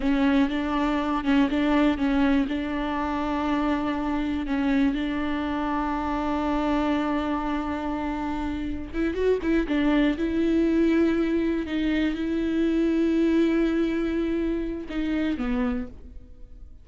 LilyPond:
\new Staff \with { instrumentName = "viola" } { \time 4/4 \tempo 4 = 121 cis'4 d'4. cis'8 d'4 | cis'4 d'2.~ | d'4 cis'4 d'2~ | d'1~ |
d'2 e'8 fis'8 e'8 d'8~ | d'8 e'2. dis'8~ | dis'8 e'2.~ e'8~ | e'2 dis'4 b4 | }